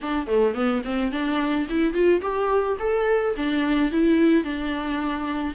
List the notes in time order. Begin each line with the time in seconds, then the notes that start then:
0.01 D4
0.26 A3
0.54 B3
0.84 C4
1.11 D4
1.69 E4
1.93 F4
2.21 G4
2.79 A4
3.36 D4
3.91 E4
4.43 D4